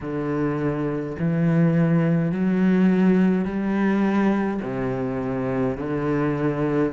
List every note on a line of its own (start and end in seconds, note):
0.01 1.16 D3
1.19 2.31 E3
2.31 3.45 F#3
3.45 4.60 G3
4.62 5.77 C3
5.77 6.92 D3